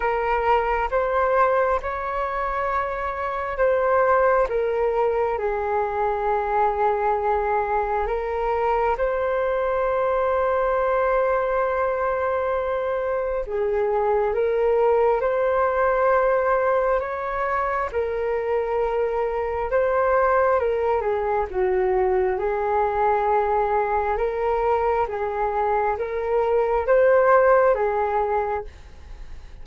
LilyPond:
\new Staff \with { instrumentName = "flute" } { \time 4/4 \tempo 4 = 67 ais'4 c''4 cis''2 | c''4 ais'4 gis'2~ | gis'4 ais'4 c''2~ | c''2. gis'4 |
ais'4 c''2 cis''4 | ais'2 c''4 ais'8 gis'8 | fis'4 gis'2 ais'4 | gis'4 ais'4 c''4 gis'4 | }